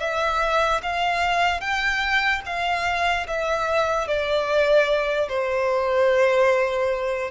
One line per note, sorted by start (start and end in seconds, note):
0.00 0.81 E5
0.83 1.61 F5
1.61 2.42 G5
2.46 3.27 F5
3.27 4.08 E5
4.08 5.29 D5
5.29 7.31 C5